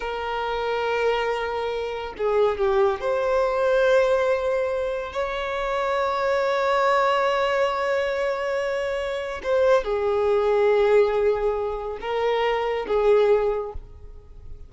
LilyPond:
\new Staff \with { instrumentName = "violin" } { \time 4/4 \tempo 4 = 140 ais'1~ | ais'4 gis'4 g'4 c''4~ | c''1 | cis''1~ |
cis''1~ | cis''2 c''4 gis'4~ | gis'1 | ais'2 gis'2 | }